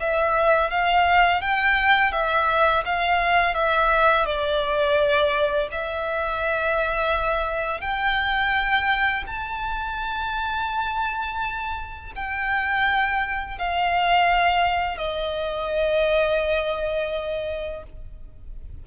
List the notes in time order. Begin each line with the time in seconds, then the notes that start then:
0.00 E5
0.70 F5
1.41 G5
2.12 E5
2.85 F5
3.54 E5
4.26 D5
5.71 E5
7.81 G5
9.27 A5
12.16 G5
13.58 F5
14.97 D#5